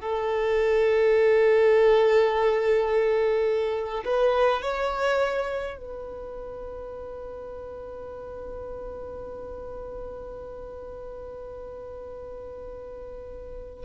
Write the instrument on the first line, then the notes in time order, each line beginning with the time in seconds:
violin
0.00 A4
4.04 B4
4.62 C#5
5.77 B4